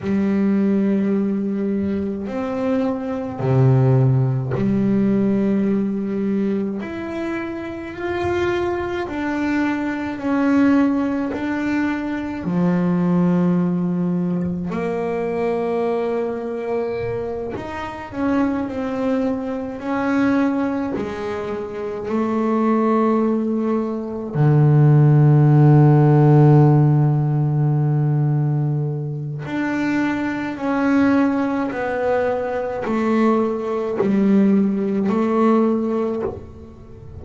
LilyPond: \new Staff \with { instrumentName = "double bass" } { \time 4/4 \tempo 4 = 53 g2 c'4 c4 | g2 e'4 f'4 | d'4 cis'4 d'4 f4~ | f4 ais2~ ais8 dis'8 |
cis'8 c'4 cis'4 gis4 a8~ | a4. d2~ d8~ | d2 d'4 cis'4 | b4 a4 g4 a4 | }